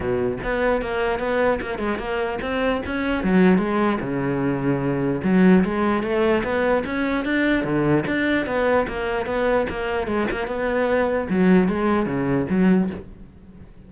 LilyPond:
\new Staff \with { instrumentName = "cello" } { \time 4/4 \tempo 4 = 149 b,4 b4 ais4 b4 | ais8 gis8 ais4 c'4 cis'4 | fis4 gis4 cis2~ | cis4 fis4 gis4 a4 |
b4 cis'4 d'4 d4 | d'4 b4 ais4 b4 | ais4 gis8 ais8 b2 | fis4 gis4 cis4 fis4 | }